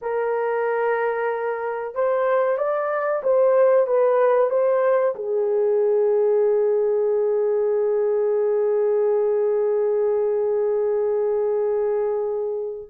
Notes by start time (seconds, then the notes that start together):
0.01 A#4
1.94 C5
2.57 D5
3.23 C5
3.87 B4
4.50 C5
5.15 G#4